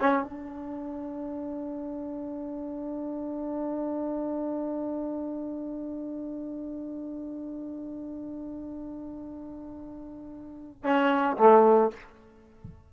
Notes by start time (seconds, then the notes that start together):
0.00 C#4
0.23 D4
10.83 C#4
11.37 A3